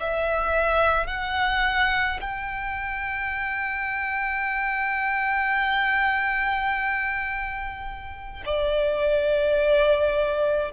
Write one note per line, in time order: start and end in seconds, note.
0.00 1.07 E5
1.07 2.20 F#5
2.21 8.44 G5
8.46 10.72 D5